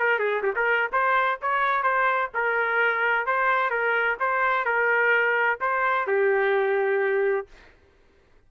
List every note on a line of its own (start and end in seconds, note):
0.00 0.19 A#4
0.19 0.43 G#4
0.43 0.55 G4
0.56 0.91 A#4
0.93 1.40 C5
1.42 1.83 C#5
1.83 2.30 C5
2.35 3.26 A#4
3.26 3.71 C5
3.71 4.17 A#4
4.20 4.66 C5
4.66 5.59 A#4
5.61 6.07 C5
6.07 7.48 G4